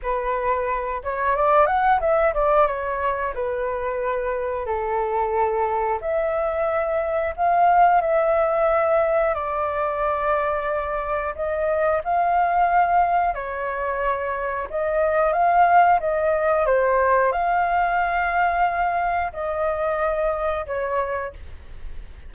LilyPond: \new Staff \with { instrumentName = "flute" } { \time 4/4 \tempo 4 = 90 b'4. cis''8 d''8 fis''8 e''8 d''8 | cis''4 b'2 a'4~ | a'4 e''2 f''4 | e''2 d''2~ |
d''4 dis''4 f''2 | cis''2 dis''4 f''4 | dis''4 c''4 f''2~ | f''4 dis''2 cis''4 | }